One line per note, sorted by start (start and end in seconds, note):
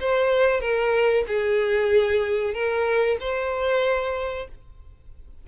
0.00 0.60 C5
0.60 1.24 A#4
1.27 2.54 G#4
2.54 3.17 A#4
3.20 4.48 C5